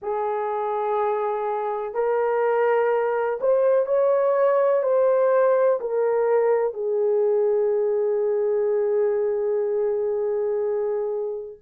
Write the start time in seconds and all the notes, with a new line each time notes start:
0.02 G#4
1.94 A#4
3.40 C5
3.86 C#5
4.82 C5
5.80 A#4
6.73 G#4